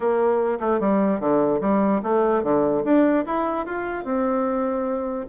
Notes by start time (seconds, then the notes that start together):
0.00 A#3
0.60 A3
0.80 G3
1.19 D3
1.61 G3
2.02 A3
2.43 D3
2.84 D4
3.25 E4
3.65 F4
4.04 C4